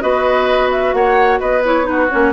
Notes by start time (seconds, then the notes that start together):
0.00 B3 F#4 B4 D#5
0.71 E5
0.93 A#3 C#5 F#5
1.40 B3 B4 D#5
1.65 E4 C#5
1.83 D#4 B4
1.90 F#4
2.09 A#3 C#4 C#5